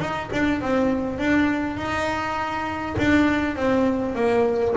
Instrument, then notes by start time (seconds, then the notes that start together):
double bass
0.00 D#4
0.32 D4
0.61 C4
1.19 D4
1.77 D#4
2.98 D4
3.56 C4
4.15 A#3